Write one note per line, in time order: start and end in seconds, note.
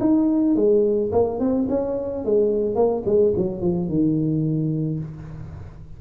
0.00 0.56 D#4
0.56 1.11 G#3
1.12 1.40 A#3
1.40 1.67 C4
1.69 2.25 C#4
2.25 2.75 G#3
2.75 3.03 A#3
3.06 3.33 G#3
3.37 3.61 F#3
3.61 3.88 F3
3.88 4.99 D#3